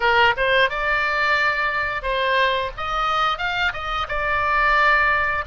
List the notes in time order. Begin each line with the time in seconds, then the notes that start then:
0.00 A#4
0.37 C5
0.69 D5
2.02 C5
2.77 D#5
3.38 F5
3.73 D#5
4.08 D5